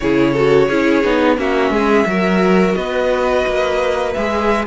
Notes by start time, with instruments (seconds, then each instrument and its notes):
0.00 cello C#3, viola E4, violin G#4 C#5
0.32 viola F#4, violin A4
0.67 cello C#4, viola E4, violin G#4
1.03 cello B3, viola D#4
1.37 cello A#3, viola C#4, violin F#4 E5
1.70 cello G#3, violin G#4
2.06 cello F#3, viola F#4, violin A#4
2.75 cello B3, violin B4 D#5
3.46 cello A#3
4.13 cello G#3, viola G#4, violin E5